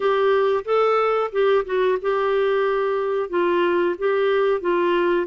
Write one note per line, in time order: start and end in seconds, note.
0.00 0.64 G4
0.64 1.30 A4
1.32 1.65 G4
1.65 1.98 F#4
2.01 3.29 G4
3.29 3.95 F4
3.98 4.60 G4
4.60 5.26 F4